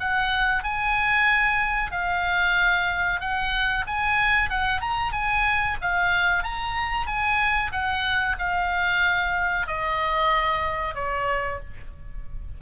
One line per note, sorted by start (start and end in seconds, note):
0.00 0.64 F#5
0.64 1.92 G#5
1.92 3.21 F5
3.21 3.85 F#5
3.87 4.50 G#5
4.50 4.81 F#5
4.81 5.13 A#5
5.13 5.77 G#5
5.82 6.44 F5
6.44 7.07 A#5
7.07 7.72 G#5
7.72 8.36 F#5
8.39 9.67 F5
9.67 10.95 D#5
10.95 11.60 C#5